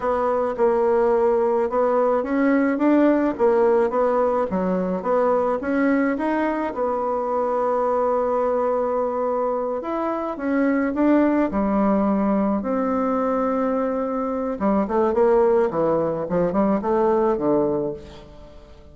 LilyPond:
\new Staff \with { instrumentName = "bassoon" } { \time 4/4 \tempo 4 = 107 b4 ais2 b4 | cis'4 d'4 ais4 b4 | fis4 b4 cis'4 dis'4 | b1~ |
b4. e'4 cis'4 d'8~ | d'8 g2 c'4.~ | c'2 g8 a8 ais4 | e4 f8 g8 a4 d4 | }